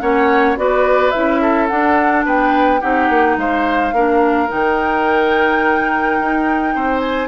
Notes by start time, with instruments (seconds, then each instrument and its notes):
0.00 bassoon A#3, clarinet C#4, oboe C#5, flute F#5
0.56 bassoon B3, clarinet F#4, oboe B4, flute D5
1.11 bassoon C#4, clarinet E4, flute E5
1.41 oboe A4
1.67 clarinet D4, bassoon D4, flute F#5
2.25 bassoon B3, oboe B4, flute G5
2.80 bassoon C4, clarinet D#4, oboe G4, flute F#5
3.09 bassoon A#3
3.36 bassoon G#3, oboe C5, flute F5
3.92 bassoon A#3, clarinet D4, oboe A#4
4.48 bassoon D#3, clarinet D#4, flute G5
6.20 bassoon D#4
6.75 bassoon C4, oboe C5
7.00 flute G#5